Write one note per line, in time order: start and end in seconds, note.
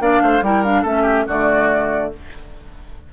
0.00 0.21 A#3
0.00 0.43 D4
0.00 0.23 D5
0.00 0.44 F5
0.22 0.42 A3
0.22 0.44 C5
0.42 0.84 G3
0.42 0.65 E4
0.42 0.82 A#4
0.42 0.64 G5
0.64 0.86 D4
0.64 0.85 F5
0.82 1.26 A3
0.82 1.28 C#4
0.82 1.02 A4
0.82 1.28 E5
1.02 1.24 G4
1.27 2.13 D3
1.27 2.13 A3
1.27 2.11 F#4
1.27 2.13 D5